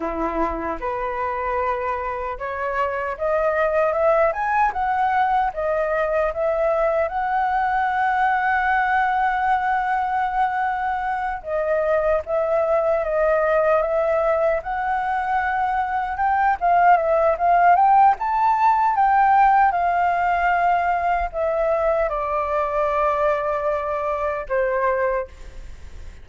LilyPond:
\new Staff \with { instrumentName = "flute" } { \time 4/4 \tempo 4 = 76 e'4 b'2 cis''4 | dis''4 e''8 gis''8 fis''4 dis''4 | e''4 fis''2.~ | fis''2~ fis''8 dis''4 e''8~ |
e''8 dis''4 e''4 fis''4.~ | fis''8 g''8 f''8 e''8 f''8 g''8 a''4 | g''4 f''2 e''4 | d''2. c''4 | }